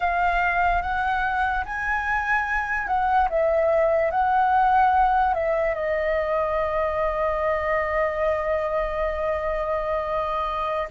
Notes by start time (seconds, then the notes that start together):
0.00 F5
0.82 F#5
1.65 G#5
2.87 F#5
3.29 E5
4.10 F#5
5.33 E5
5.74 D#5